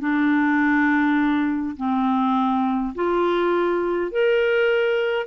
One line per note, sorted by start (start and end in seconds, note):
0.00 1.76 D4
1.77 2.95 C4
2.95 4.12 F4
4.12 5.27 A#4